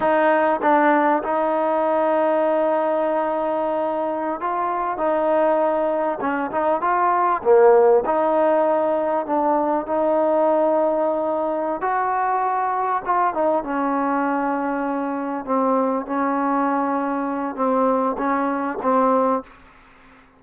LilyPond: \new Staff \with { instrumentName = "trombone" } { \time 4/4 \tempo 4 = 99 dis'4 d'4 dis'2~ | dis'2.~ dis'16 f'8.~ | f'16 dis'2 cis'8 dis'8 f'8.~ | f'16 ais4 dis'2 d'8.~ |
d'16 dis'2.~ dis'16 fis'8~ | fis'4. f'8 dis'8 cis'4.~ | cis'4. c'4 cis'4.~ | cis'4 c'4 cis'4 c'4 | }